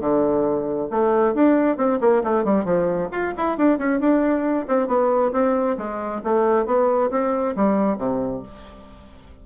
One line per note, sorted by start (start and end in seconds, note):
0.00 0.89 D3
0.90 1.34 A3
1.34 1.77 D4
1.77 1.99 C4
2.00 2.23 A#3
2.23 2.44 A3
2.44 2.65 G3
2.65 3.09 F3
3.12 3.34 F4
3.37 3.58 E4
3.58 3.78 D4
3.78 4.00 C#4
4.00 4.66 D4
4.68 4.87 C4
4.87 5.32 B3
5.32 5.77 C4
5.77 6.22 G#3
6.24 6.66 A3
6.66 7.10 B3
7.11 7.55 C4
7.56 7.98 G3
7.98 8.42 C3